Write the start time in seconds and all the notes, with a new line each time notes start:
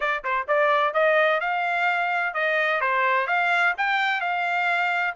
0.00 D5
0.23 C5
0.47 D5
0.93 D#5
1.40 F5
2.34 D#5
2.80 C5
3.27 F5
3.77 G5
4.20 F5